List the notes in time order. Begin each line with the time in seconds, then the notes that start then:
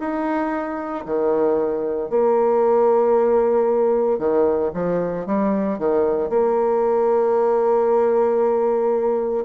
0.00 D#4
1.06 D#3
2.11 A#3
4.19 D#3
4.74 F3
5.27 G3
5.79 D#3
6.30 A#3